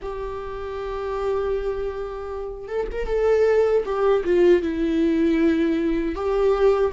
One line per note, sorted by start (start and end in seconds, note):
0.02 2.67 G4
2.67 2.87 A4
2.91 3.07 A#4
3.07 3.84 A4
3.85 4.23 G4
4.24 4.62 F4
4.62 6.15 E4
6.15 6.92 G4